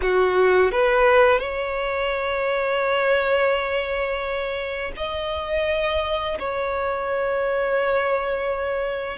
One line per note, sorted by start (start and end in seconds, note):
0.01 0.71 F#4
0.71 1.39 B4
1.39 4.92 C#5
4.96 6.38 D#5
6.39 9.17 C#5